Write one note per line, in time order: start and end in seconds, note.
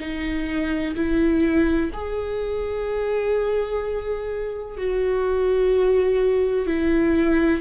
0.00 0.95 D#4
0.96 1.91 E4
1.94 4.77 G#4
4.77 6.67 F#4
6.67 7.61 E4